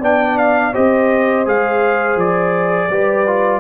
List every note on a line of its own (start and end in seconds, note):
0.00 0.74 B3
0.00 0.73 D4
0.00 0.72 D5
0.00 0.38 G5
0.38 0.74 F5
0.72 1.46 C4
0.72 1.45 G4
0.72 2.89 C5
0.72 1.47 D#5
1.45 2.16 G#3
1.45 2.90 G#4
1.45 2.19 F5
2.16 2.88 F3
2.16 3.60 D5
2.90 3.60 G3
2.90 3.27 G4
2.90 3.60 B4
3.27 3.60 F4